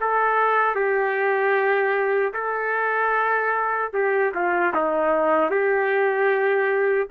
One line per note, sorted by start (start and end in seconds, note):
0.00 0.75 A4
0.75 2.33 G4
2.33 3.91 A4
3.93 4.32 G4
4.34 4.74 F4
4.74 5.50 D#4
5.50 7.08 G4